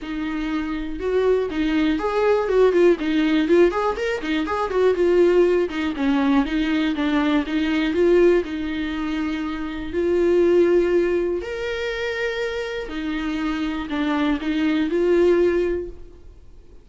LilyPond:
\new Staff \with { instrumentName = "viola" } { \time 4/4 \tempo 4 = 121 dis'2 fis'4 dis'4 | gis'4 fis'8 f'8 dis'4 f'8 gis'8 | ais'8 dis'8 gis'8 fis'8 f'4. dis'8 | cis'4 dis'4 d'4 dis'4 |
f'4 dis'2. | f'2. ais'4~ | ais'2 dis'2 | d'4 dis'4 f'2 | }